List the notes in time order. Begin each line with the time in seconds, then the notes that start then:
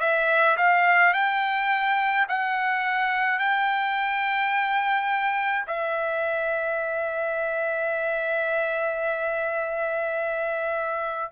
0.00 E5
0.57 F5
1.13 G5
2.29 F#5
3.39 G5
5.67 E5